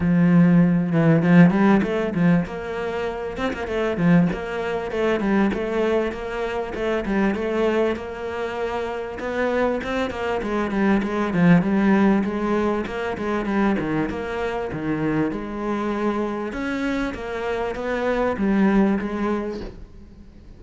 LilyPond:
\new Staff \with { instrumentName = "cello" } { \time 4/4 \tempo 4 = 98 f4. e8 f8 g8 a8 f8 | ais4. c'16 ais16 a8 f8 ais4 | a8 g8 a4 ais4 a8 g8 | a4 ais2 b4 |
c'8 ais8 gis8 g8 gis8 f8 g4 | gis4 ais8 gis8 g8 dis8 ais4 | dis4 gis2 cis'4 | ais4 b4 g4 gis4 | }